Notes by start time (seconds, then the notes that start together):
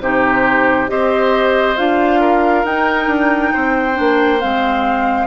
0.00 C3 D#4 G4 C5
0.88 C4 G4 C5 D#5
1.76 D4 F4 F5
2.20 A#4
2.64 D#4 G5
3.07 D4
3.53 C4 C5
3.94 A#3 D4
4.40 G#3 C4 F5